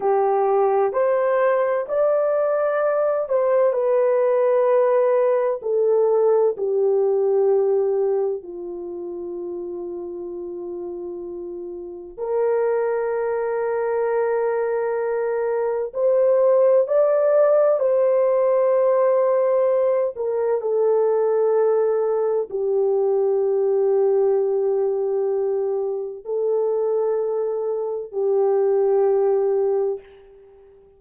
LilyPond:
\new Staff \with { instrumentName = "horn" } { \time 4/4 \tempo 4 = 64 g'4 c''4 d''4. c''8 | b'2 a'4 g'4~ | g'4 f'2.~ | f'4 ais'2.~ |
ais'4 c''4 d''4 c''4~ | c''4. ais'8 a'2 | g'1 | a'2 g'2 | }